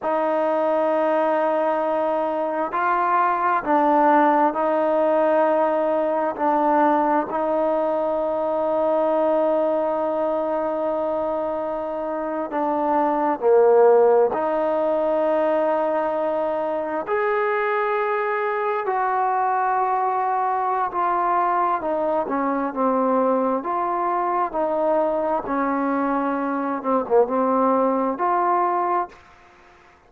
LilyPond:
\new Staff \with { instrumentName = "trombone" } { \time 4/4 \tempo 4 = 66 dis'2. f'4 | d'4 dis'2 d'4 | dis'1~ | dis'4.~ dis'16 d'4 ais4 dis'16~ |
dis'2~ dis'8. gis'4~ gis'16~ | gis'8. fis'2~ fis'16 f'4 | dis'8 cis'8 c'4 f'4 dis'4 | cis'4. c'16 ais16 c'4 f'4 | }